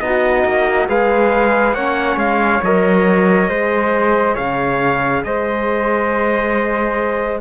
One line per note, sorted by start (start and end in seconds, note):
0.00 0.44 B3
0.00 0.87 D#4
0.00 0.89 F#4
0.00 0.87 D#5
0.45 0.89 A#3
0.88 1.74 G#3
0.88 1.75 G#4
0.88 1.75 B4
0.88 1.74 F5
1.74 2.16 A#3
1.74 2.63 C#4
1.74 3.49 C#5
1.74 2.17 F#5
2.16 2.60 G#3
2.16 2.62 F5
2.62 3.48 F#3
2.62 3.51 A#4
2.62 4.36 D#5
3.48 4.35 G#3
3.48 7.41 G#4
3.48 4.34 C5
4.34 5.24 C#3
4.34 5.21 C#5
4.34 5.23 F5
5.24 7.41 G#3
5.24 7.41 C5
5.24 7.41 D#5